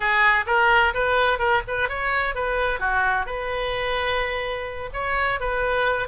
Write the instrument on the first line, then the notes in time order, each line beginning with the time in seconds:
oboe
0.00 G#4
0.46 A#4
0.94 B4
1.38 A#4
1.67 B4
1.88 C#5
2.34 B4
2.79 F#4
3.26 B4
4.93 C#5
5.39 B4